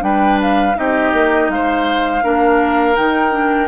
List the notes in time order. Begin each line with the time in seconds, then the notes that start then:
0.00 G3 D4 B4 G5
0.42 F5
0.75 C4 D#4 G4 D#5
1.12 A#3
1.49 G#3 C5 F5
2.22 A#3 D4 A#4
2.95 D#3 D#4 G5
3.31 D4